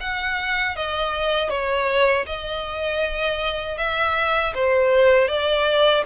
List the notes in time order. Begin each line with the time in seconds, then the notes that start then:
0.00 F#5
0.76 D#5
1.49 C#5
2.26 D#5
3.77 E5
4.54 C5
5.28 D5